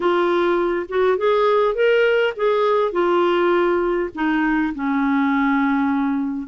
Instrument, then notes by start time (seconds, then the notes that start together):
clarinet
0.00 F4
0.88 F#4
1.17 G#4
1.75 A#4
2.36 G#4
2.91 F4
4.14 D#4
4.74 C#4